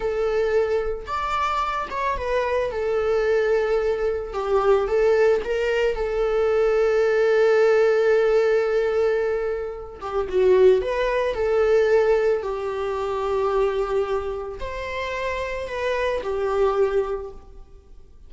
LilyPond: \new Staff \with { instrumentName = "viola" } { \time 4/4 \tempo 4 = 111 a'2 d''4. cis''8 | b'4 a'2. | g'4 a'4 ais'4 a'4~ | a'1~ |
a'2~ a'8 g'8 fis'4 | b'4 a'2 g'4~ | g'2. c''4~ | c''4 b'4 g'2 | }